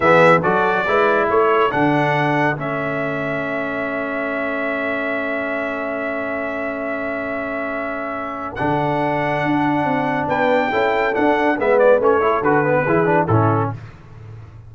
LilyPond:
<<
  \new Staff \with { instrumentName = "trumpet" } { \time 4/4 \tempo 4 = 140 e''4 d''2 cis''4 | fis''2 e''2~ | e''1~ | e''1~ |
e''1 | fis''1 | g''2 fis''4 e''8 d''8 | cis''4 b'2 a'4 | }
  \new Staff \with { instrumentName = "horn" } { \time 4/4 gis'4 a'4 b'4 a'4~ | a'1~ | a'1~ | a'1~ |
a'1~ | a'1 | b'4 a'2 b'4~ | b'8 a'4. gis'4 e'4 | }
  \new Staff \with { instrumentName = "trombone" } { \time 4/4 b4 fis'4 e'2 | d'2 cis'2~ | cis'1~ | cis'1~ |
cis'1 | d'1~ | d'4 e'4 d'4 b4 | cis'8 e'8 fis'8 b8 e'8 d'8 cis'4 | }
  \new Staff \with { instrumentName = "tuba" } { \time 4/4 e4 fis4 gis4 a4 | d2 a2~ | a1~ | a1~ |
a1 | d2 d'4 c'4 | b4 cis'4 d'4 gis4 | a4 d4 e4 a,4 | }
>>